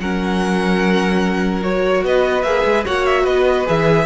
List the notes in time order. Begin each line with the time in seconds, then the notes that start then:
0.00 F#3 C#4 A#4 F#5
1.63 F#4 C#5
2.03 B3 B4 D#5
2.43 A#3 G#4 E5
2.65 G#3
2.86 A#3 F#4 C#5 F#5
3.06 E5
3.24 B3 B4 D#5
3.67 E3 G#4 E5